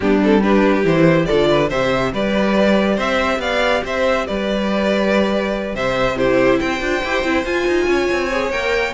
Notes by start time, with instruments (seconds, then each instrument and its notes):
0.00 cello G3, viola B3, violin D4 G4
0.23 viola C4, violin A4
0.42 viola D4, violin G4 B4
0.83 cello E3, viola E4, violin C5
1.25 cello D3, viola F4, violin A4 D5
1.50 violin B4
1.69 cello C3, viola G4, violin C5 E5
2.12 cello G3, violin B4 D5
2.95 cello C4, violin C5 E5
3.38 cello B3, violin D5 F5
3.84 cello C4, violin C5 E5
4.27 cello G3, violin B4 D5
5.74 cello C3, violin C5 E5
6.16 viola E4, violin G4 C5
6.59 cello C4, violin C5 G5
6.80 cello D4, viola F4
7.03 cello E4, viola G4
7.22 cello C4, viola E4
7.45 cello F4, viola F4, violin G#5
7.67 cello D#4
7.86 cello C#4, violin C#5
8.11 cello C4
8.31 viola G#4
8.50 cello A#3, viola A#4, violin G5